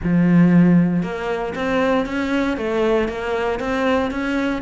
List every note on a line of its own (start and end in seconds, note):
0.03 1.03 F3
1.03 1.54 A#3
1.55 2.06 C4
2.06 2.57 C#4
2.57 3.08 A3
3.08 3.59 A#3
3.59 4.10 C4
4.10 4.62 C#4